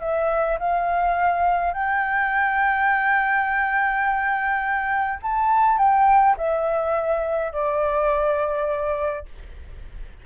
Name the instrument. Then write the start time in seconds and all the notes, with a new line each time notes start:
flute
0.00 E5
0.59 F5
1.73 G5
5.22 A5
5.78 G5
6.37 E5
7.52 D5